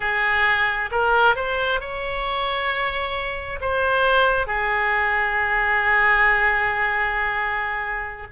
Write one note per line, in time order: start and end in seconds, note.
0.00 0.90 G#4
0.91 1.35 A#4
1.35 1.80 C5
1.80 3.59 C#5
3.60 4.46 C5
4.46 8.27 G#4